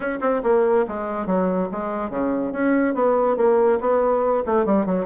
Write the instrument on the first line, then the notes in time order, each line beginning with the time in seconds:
bassoon
0.00 C#4
0.20 C4
0.43 A#3
0.88 G#3
1.26 F#3
1.71 G#3
2.10 C#3
2.52 C#4
2.94 B3
3.36 A#3
3.80 B3
4.46 A3
4.65 G3
4.86 F#3